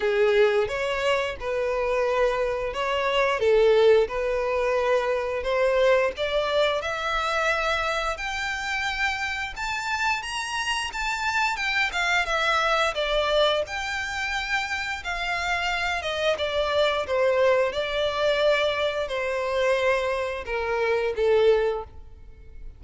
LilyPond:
\new Staff \with { instrumentName = "violin" } { \time 4/4 \tempo 4 = 88 gis'4 cis''4 b'2 | cis''4 a'4 b'2 | c''4 d''4 e''2 | g''2 a''4 ais''4 |
a''4 g''8 f''8 e''4 d''4 | g''2 f''4. dis''8 | d''4 c''4 d''2 | c''2 ais'4 a'4 | }